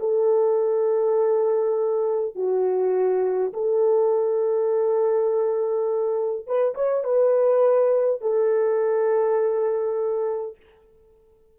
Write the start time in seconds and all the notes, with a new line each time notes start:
0.00 A4
2.35 F#4
3.53 A4
6.47 B4
6.75 C#5
7.04 B4
8.21 A4